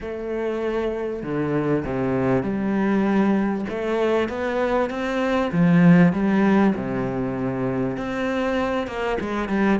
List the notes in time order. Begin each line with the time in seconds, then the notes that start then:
0.00 A3
1.22 D3
1.85 C3
2.42 G3
3.69 A3
4.29 B3
4.90 C4
5.51 F3
6.13 G3
6.75 C3
7.97 C4
8.87 A#3
9.20 G#3
9.48 G3